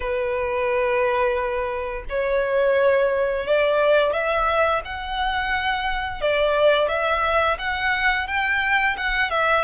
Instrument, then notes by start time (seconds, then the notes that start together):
violin
0.00 B4
2.09 C#5
3.46 D5
4.12 E5
4.84 F#5
6.21 D5
6.88 E5
7.58 F#5
8.27 G5
8.97 F#5
9.30 E5